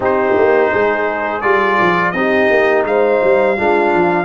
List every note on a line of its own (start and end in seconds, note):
0.00 0.34 C4
0.00 1.41 D#4
0.00 0.71 G4
0.00 1.41 C5
0.36 0.72 A#3
0.71 1.43 G#3
0.71 2.14 G#4
1.41 1.78 G3
1.41 2.14 F4
1.41 2.11 D5
1.80 2.13 F3
2.11 2.49 C4
2.11 3.57 D#4
2.11 2.87 G4
2.11 2.82 D#5
2.50 2.84 A#3
2.84 3.20 G#3
2.84 3.56 C5
2.84 4.25 F5
3.23 3.58 G3
3.56 3.93 G#3
3.56 4.25 D4
3.56 4.25 F4
3.93 4.25 F3